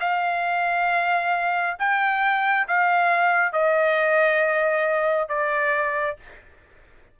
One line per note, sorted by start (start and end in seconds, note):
0.00 1.76 F5
1.79 2.67 G5
2.68 3.53 F5
3.53 5.29 D#5
5.29 6.17 D5